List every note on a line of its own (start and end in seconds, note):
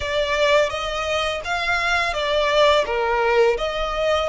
0.00 0.69 D5
0.69 1.41 D#5
1.44 2.13 F5
2.13 2.84 D5
2.85 3.57 A#4
3.57 4.29 D#5